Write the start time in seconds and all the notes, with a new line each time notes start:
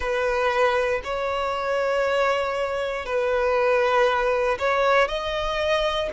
0.00 B4
1.04 C#5
3.05 B4
4.58 C#5
5.08 D#5